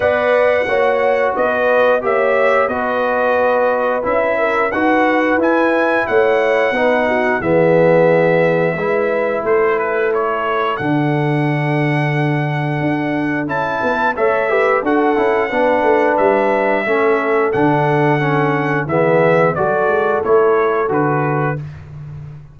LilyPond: <<
  \new Staff \with { instrumentName = "trumpet" } { \time 4/4 \tempo 4 = 89 fis''2 dis''4 e''4 | dis''2 e''4 fis''4 | gis''4 fis''2 e''4~ | e''2 c''8 b'8 cis''4 |
fis''1 | a''4 e''4 fis''2 | e''2 fis''2 | e''4 d''4 cis''4 b'4 | }
  \new Staff \with { instrumentName = "horn" } { \time 4/4 d''4 cis''4 b'4 cis''4 | b'2~ b'8 ais'8 b'4~ | b'4 cis''4 b'8 fis'8 gis'4~ | gis'4 b'4 a'2~ |
a'1~ | a'8 b'8 cis''8 b'8 a'4 b'4~ | b'4 a'2. | gis'4 a'2. | }
  \new Staff \with { instrumentName = "trombone" } { \time 4/4 b'4 fis'2 g'4 | fis'2 e'4 fis'4 | e'2 dis'4 b4~ | b4 e'2. |
d'1 | e'4 a'8 g'8 fis'8 e'8 d'4~ | d'4 cis'4 d'4 cis'4 | b4 fis'4 e'4 fis'4 | }
  \new Staff \with { instrumentName = "tuba" } { \time 4/4 b4 ais4 b4 ais4 | b2 cis'4 dis'4 | e'4 a4 b4 e4~ | e4 gis4 a2 |
d2. d'4 | cis'8 b8 a4 d'8 cis'8 b8 a8 | g4 a4 d2 | e4 fis8 gis8 a4 d4 | }
>>